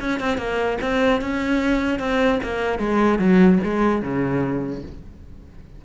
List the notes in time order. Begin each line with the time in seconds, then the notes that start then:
0.00 C#4
0.20 C4
0.38 A#3
0.81 C4
1.21 C#4
1.99 C4
2.43 A#3
2.79 G#3
3.19 F#3
3.64 G#3
4.02 C#3